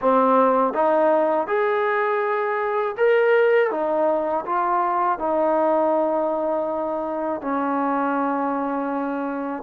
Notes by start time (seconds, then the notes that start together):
0.01 C4
0.73 D#4
1.47 G#4
2.97 A#4
3.70 D#4
4.45 F4
5.19 D#4
7.41 C#4